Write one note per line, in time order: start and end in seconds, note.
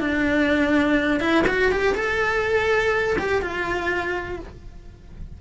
0.00 1.20 D4
1.20 1.44 E4
1.47 1.71 F#4
1.71 1.95 G4
1.95 3.17 A4
3.18 3.42 G4
3.42 4.39 F4